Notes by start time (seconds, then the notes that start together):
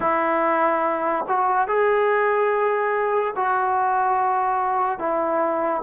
0.00 E4
1.28 F#4
1.67 G#4
3.36 F#4
4.98 E4